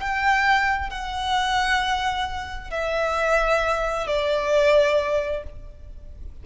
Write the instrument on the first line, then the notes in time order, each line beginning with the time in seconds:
violin
0.00 G5
0.90 F#5
2.70 E5
4.07 D5